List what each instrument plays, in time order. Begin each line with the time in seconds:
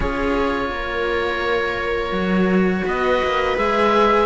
0.00 cello C#4 F4, viola G#4, oboe C#5
0.70 cello A#3, viola A#4
2.11 cello F#3 F#4
2.85 cello B3, viola B4, oboe D#5
3.23 cello A#3
3.56 cello G#3 G#4, oboe E5